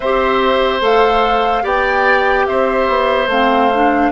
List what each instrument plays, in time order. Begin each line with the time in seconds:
0.00 bassoon C4, clarinet G4, oboe C5, flute E5
0.80 bassoon A3, clarinet A4, flute F5
1.62 bassoon B3, clarinet G4, oboe D5, flute G5
2.46 bassoon C4, oboe C5, flute E5
2.88 bassoon B3
3.27 bassoon A3, clarinet C4, flute F5
3.74 clarinet D4